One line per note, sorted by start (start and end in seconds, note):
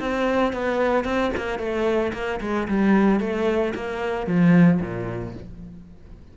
0.00 0.54 C4
0.54 1.05 B3
1.05 1.32 C4
1.37 1.59 A#3
1.59 2.13 A3
2.14 2.41 A#3
2.41 2.68 G#3
2.68 3.21 G3
3.21 3.74 A3
3.75 4.27 A#3
4.27 4.81 F3
4.82 5.35 A#2